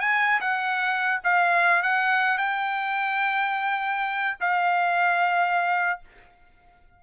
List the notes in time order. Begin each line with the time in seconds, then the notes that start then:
0.00 G#5
0.40 F#5
1.24 F5
1.82 F#5
2.37 G5
4.40 F5